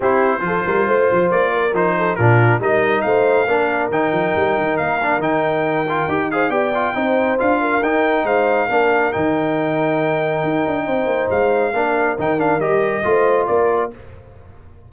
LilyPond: <<
  \new Staff \with { instrumentName = "trumpet" } { \time 4/4 \tempo 4 = 138 c''2. d''4 | c''4 ais'4 dis''4 f''4~ | f''4 g''2 f''4 | g''2~ g''8 f''8 g''4~ |
g''4 f''4 g''4 f''4~ | f''4 g''2.~ | g''2 f''2 | g''8 f''8 dis''2 d''4 | }
  \new Staff \with { instrumentName = "horn" } { \time 4/4 g'4 a'8 ais'8 c''4. ais'8~ | ais'8 a'8 f'4 ais'4 c''4 | ais'1~ | ais'2~ ais'8 c''8 d''4 |
c''4. ais'4. c''4 | ais'1~ | ais'4 c''2 ais'4~ | ais'2 c''4 ais'4 | }
  \new Staff \with { instrumentName = "trombone" } { \time 4/4 e'4 f'2. | dis'4 d'4 dis'2 | d'4 dis'2~ dis'8 d'8 | dis'4. f'8 g'8 gis'8 g'8 f'8 |
dis'4 f'4 dis'2 | d'4 dis'2.~ | dis'2. d'4 | dis'8 d'8 g'4 f'2 | }
  \new Staff \with { instrumentName = "tuba" } { \time 4/4 c'4 f8 g8 a8 f8 ais4 | f4 ais,4 g4 a4 | ais4 dis8 f8 g8 dis8 ais4 | dis2 dis'4 b4 |
c'4 d'4 dis'4 gis4 | ais4 dis2. | dis'8 d'8 c'8 ais8 gis4 ais4 | dis4 g4 a4 ais4 | }
>>